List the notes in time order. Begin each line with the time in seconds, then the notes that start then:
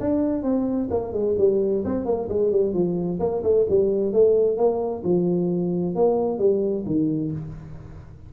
0.00 D4
0.43 C4
0.91 A#3
1.13 G#3
1.38 G3
1.85 C4
2.05 A#3
2.29 G#3
2.51 G3
2.74 F3
3.20 A#3
3.43 A3
3.70 G3
4.13 A3
4.57 A#3
5.04 F3
5.95 A#3
6.39 G3
6.86 D#3